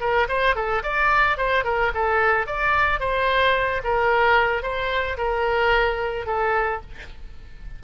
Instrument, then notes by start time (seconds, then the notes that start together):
oboe
0.00 A#4
0.29 C5
0.55 A4
0.83 D5
1.37 C5
1.64 A#4
1.94 A4
2.46 D5
3.00 C5
3.84 A#4
4.63 C5
5.17 A#4
6.26 A4